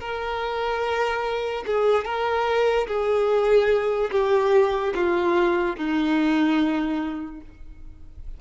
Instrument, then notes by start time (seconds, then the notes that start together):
violin
0.00 A#4
1.66 G#4
2.05 A#4
2.87 G#4
4.11 G4
4.95 F4
5.76 D#4